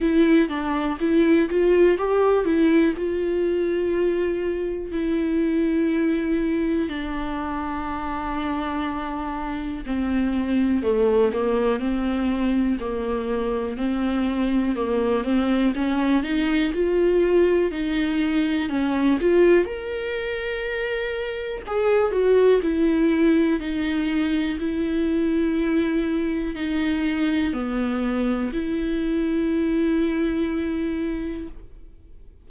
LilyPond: \new Staff \with { instrumentName = "viola" } { \time 4/4 \tempo 4 = 61 e'8 d'8 e'8 f'8 g'8 e'8 f'4~ | f'4 e'2 d'4~ | d'2 c'4 a8 ais8 | c'4 ais4 c'4 ais8 c'8 |
cis'8 dis'8 f'4 dis'4 cis'8 f'8 | ais'2 gis'8 fis'8 e'4 | dis'4 e'2 dis'4 | b4 e'2. | }